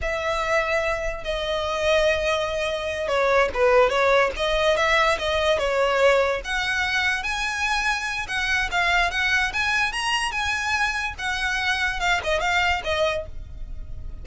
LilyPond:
\new Staff \with { instrumentName = "violin" } { \time 4/4 \tempo 4 = 145 e''2. dis''4~ | dis''2.~ dis''8 cis''8~ | cis''8 b'4 cis''4 dis''4 e''8~ | e''8 dis''4 cis''2 fis''8~ |
fis''4. gis''2~ gis''8 | fis''4 f''4 fis''4 gis''4 | ais''4 gis''2 fis''4~ | fis''4 f''8 dis''8 f''4 dis''4 | }